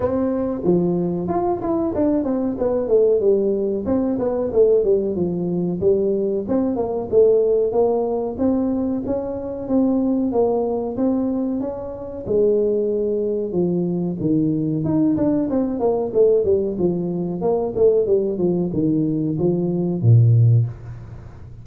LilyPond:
\new Staff \with { instrumentName = "tuba" } { \time 4/4 \tempo 4 = 93 c'4 f4 f'8 e'8 d'8 c'8 | b8 a8 g4 c'8 b8 a8 g8 | f4 g4 c'8 ais8 a4 | ais4 c'4 cis'4 c'4 |
ais4 c'4 cis'4 gis4~ | gis4 f4 dis4 dis'8 d'8 | c'8 ais8 a8 g8 f4 ais8 a8 | g8 f8 dis4 f4 ais,4 | }